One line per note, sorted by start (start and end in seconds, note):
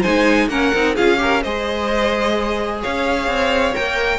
0.00 0.48 G#3
0.00 0.50 D#4
0.00 0.46 C5
0.00 0.48 G#5
0.48 0.71 A#3
0.48 0.73 C#4
0.48 0.95 A#4
0.48 0.95 F#5
0.74 0.97 C4
0.74 0.97 D#4
0.95 1.44 C#4
0.95 1.17 F4
0.95 1.18 G#4
0.95 1.42 F5
1.17 1.40 G4
1.17 1.42 A#4
1.42 2.83 G#3
1.42 3.73 G#4
1.42 2.81 C5
1.42 2.81 D#5
2.81 3.27 C#4
2.81 4.19 C#5
2.81 3.75 F5
3.27 3.73 C4
3.73 4.19 A#3
3.73 4.19 A#4
3.73 4.19 G5